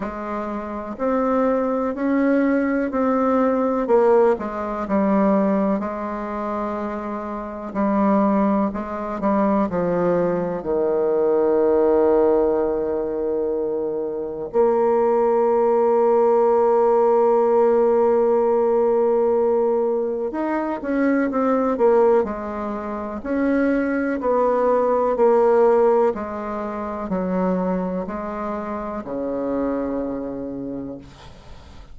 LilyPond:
\new Staff \with { instrumentName = "bassoon" } { \time 4/4 \tempo 4 = 62 gis4 c'4 cis'4 c'4 | ais8 gis8 g4 gis2 | g4 gis8 g8 f4 dis4~ | dis2. ais4~ |
ais1~ | ais4 dis'8 cis'8 c'8 ais8 gis4 | cis'4 b4 ais4 gis4 | fis4 gis4 cis2 | }